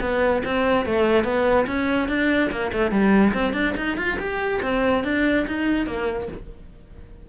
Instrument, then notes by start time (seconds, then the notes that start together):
cello
0.00 B3
0.44 C4
0.85 A3
1.24 B3
1.66 C#4
2.08 D4
2.50 A#3
2.72 A3
2.91 G3
3.33 C4
3.53 D4
3.76 D#4
3.97 F4
4.19 G4
4.62 C4
5.04 D4
5.47 D#4
5.86 A#3